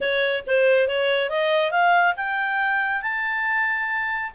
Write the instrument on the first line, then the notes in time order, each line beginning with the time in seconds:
clarinet
0.00 C#5
0.46 C5
0.88 C#5
1.29 D#5
1.71 F5
2.16 G5
3.02 A5